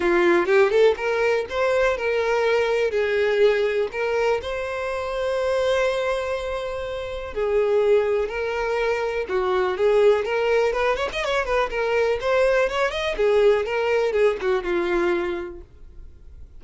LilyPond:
\new Staff \with { instrumentName = "violin" } { \time 4/4 \tempo 4 = 123 f'4 g'8 a'8 ais'4 c''4 | ais'2 gis'2 | ais'4 c''2.~ | c''2. gis'4~ |
gis'4 ais'2 fis'4 | gis'4 ais'4 b'8 cis''16 dis''16 cis''8 b'8 | ais'4 c''4 cis''8 dis''8 gis'4 | ais'4 gis'8 fis'8 f'2 | }